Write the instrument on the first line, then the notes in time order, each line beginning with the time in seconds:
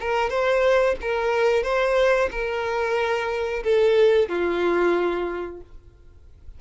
violin
0.00 A#4
0.29 C5
1.01 A#4
1.63 C5
2.31 A#4
3.64 A4
4.29 F4